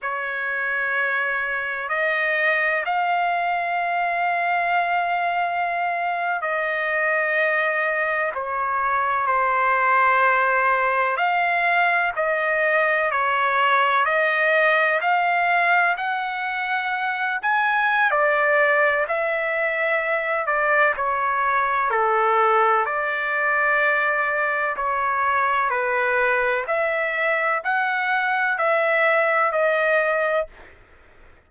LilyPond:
\new Staff \with { instrumentName = "trumpet" } { \time 4/4 \tempo 4 = 63 cis''2 dis''4 f''4~ | f''2~ f''8. dis''4~ dis''16~ | dis''8. cis''4 c''2 f''16~ | f''8. dis''4 cis''4 dis''4 f''16~ |
f''8. fis''4. gis''8. d''4 | e''4. d''8 cis''4 a'4 | d''2 cis''4 b'4 | e''4 fis''4 e''4 dis''4 | }